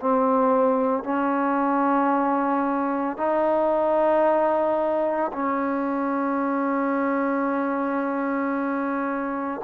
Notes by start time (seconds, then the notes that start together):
0.00 C4
1.03 C#4
3.17 D#4
5.32 C#4